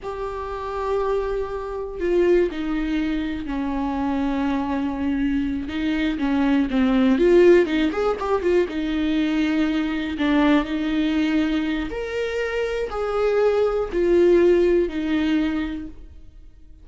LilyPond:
\new Staff \with { instrumentName = "viola" } { \time 4/4 \tempo 4 = 121 g'1 | f'4 dis'2 cis'4~ | cis'2.~ cis'8 dis'8~ | dis'8 cis'4 c'4 f'4 dis'8 |
gis'8 g'8 f'8 dis'2~ dis'8~ | dis'8 d'4 dis'2~ dis'8 | ais'2 gis'2 | f'2 dis'2 | }